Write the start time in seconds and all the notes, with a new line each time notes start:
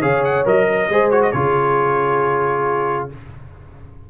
0.00 C#3 G#4 C#5 F5
0.24 F#5
0.45 F#3 A#4 D#5
0.68 A#4
0.89 G#3 G#4 C5
1.10 F#4 C#5
1.22 D#5
1.32 C#3 F4 G#4 C#5